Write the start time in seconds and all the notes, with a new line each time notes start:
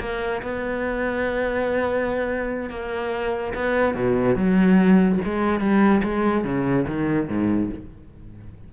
0.00 A#3
0.42 B3
2.70 A#3
3.55 B3
3.95 B2
4.36 F#3
5.25 G#3
5.60 G3
6.03 G#3
6.44 C#3
6.87 D#3
7.29 G#2